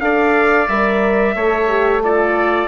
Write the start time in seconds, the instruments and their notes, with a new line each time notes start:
0.00 bassoon D4, horn A4, oboe D5, trumpet F5
0.68 bassoon G3, horn A#4, trumpet E5
1.35 bassoon A3, horn A4, oboe C#5
1.68 horn G4
2.03 horn F4, oboe A4, trumpet D5